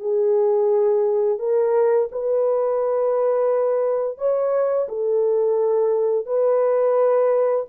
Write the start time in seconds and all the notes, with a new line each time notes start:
0.00 G#4
1.39 A#4
2.12 B4
4.18 C#5
4.89 A4
6.27 B4